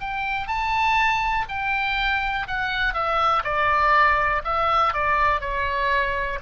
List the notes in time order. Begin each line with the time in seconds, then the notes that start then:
0.00 G5
0.47 A5
1.48 G5
2.47 F#5
2.94 E5
3.43 D5
4.44 E5
4.93 D5
5.40 C#5